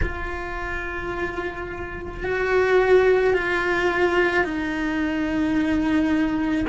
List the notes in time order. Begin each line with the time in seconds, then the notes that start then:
0.02 F4
2.23 F#4
3.33 F4
4.43 D#4